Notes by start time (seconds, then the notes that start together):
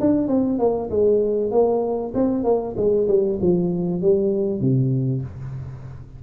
0.00 D4
0.28 C4
0.58 A#3
0.90 G#3
1.51 A#3
2.14 C4
2.44 A#3
2.76 G#3
3.08 G3
3.41 F3
4.01 G3
4.60 C3